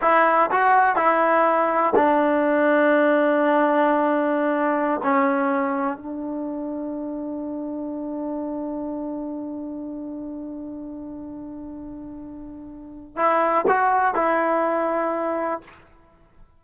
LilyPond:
\new Staff \with { instrumentName = "trombone" } { \time 4/4 \tempo 4 = 123 e'4 fis'4 e'2 | d'1~ | d'2~ d'16 cis'4.~ cis'16~ | cis'16 d'2.~ d'8.~ |
d'1~ | d'1~ | d'2. e'4 | fis'4 e'2. | }